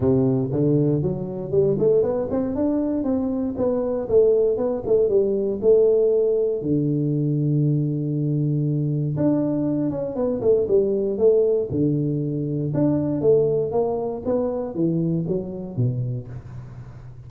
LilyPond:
\new Staff \with { instrumentName = "tuba" } { \time 4/4 \tempo 4 = 118 c4 d4 fis4 g8 a8 | b8 c'8 d'4 c'4 b4 | a4 b8 a8 g4 a4~ | a4 d2.~ |
d2 d'4. cis'8 | b8 a8 g4 a4 d4~ | d4 d'4 a4 ais4 | b4 e4 fis4 b,4 | }